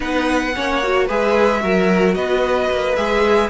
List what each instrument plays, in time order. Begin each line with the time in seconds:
0.00 cello B3, viola D#4, violin B4 F#5
0.55 cello A#3, viola C#4, violin C#5
0.82 viola F#4
1.06 cello G#3, viola G#4, violin B4 E5
1.60 cello F#3, viola F#4, violin A#4
2.14 cello B3, violin B4 D#5
2.70 cello A#3
2.95 cello G#3, viola G#4, violin E5